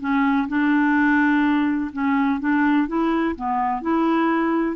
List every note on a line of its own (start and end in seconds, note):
0.00 0.48 C#4
0.48 1.91 D4
1.92 2.40 C#4
2.40 2.87 D4
2.87 3.35 E4
3.35 3.82 B3
3.82 4.76 E4